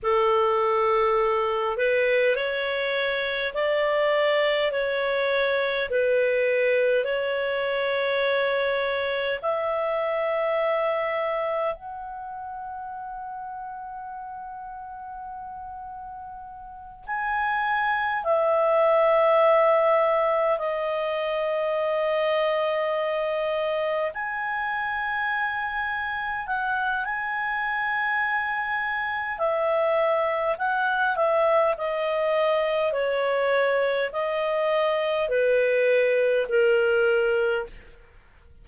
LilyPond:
\new Staff \with { instrumentName = "clarinet" } { \time 4/4 \tempo 4 = 51 a'4. b'8 cis''4 d''4 | cis''4 b'4 cis''2 | e''2 fis''2~ | fis''2~ fis''8 gis''4 e''8~ |
e''4. dis''2~ dis''8~ | dis''8 gis''2 fis''8 gis''4~ | gis''4 e''4 fis''8 e''8 dis''4 | cis''4 dis''4 b'4 ais'4 | }